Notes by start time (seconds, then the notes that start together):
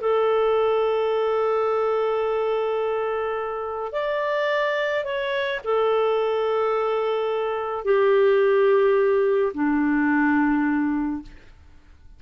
0.00 A4
3.92 D5
5.04 C#5
5.64 A4
7.84 G4
9.54 D4